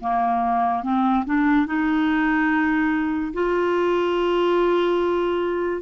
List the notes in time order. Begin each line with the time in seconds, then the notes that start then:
0.00 A#3
0.83 C4
1.25 D4
1.67 D#4
3.33 F4